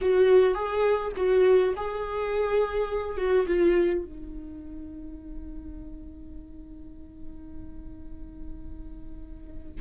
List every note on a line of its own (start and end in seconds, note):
0.01 0.54 F#4
0.54 1.12 G#4
1.16 1.74 F#4
1.76 3.17 G#4
3.17 3.46 F#4
3.46 4.04 F4
4.05 9.81 D#4